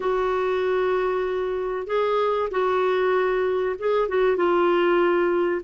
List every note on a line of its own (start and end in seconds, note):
0.00 1.86 F#4
1.86 2.49 G#4
2.51 3.76 F#4
3.78 4.08 G#4
4.08 4.36 F#4
4.36 5.61 F4